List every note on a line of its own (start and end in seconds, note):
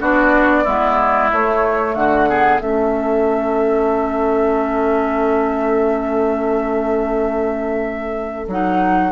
0.00 0.65 B3
0.00 0.65 D4
0.00 0.63 F#4
0.00 1.32 D5
0.63 1.32 G#3
0.63 1.30 B3
0.63 1.94 E4
1.32 1.94 A3
1.32 2.29 A3
1.32 1.94 C#5
1.94 2.60 D3
1.94 2.28 F#4
1.94 2.60 F#5
2.28 2.59 B3
2.28 2.61 G#4
2.59 8.47 A3
2.59 8.46 C#4
2.59 9.11 A4
2.59 8.47 E5
8.47 9.11 F#3
8.47 9.11 D#4
8.47 9.11 F#5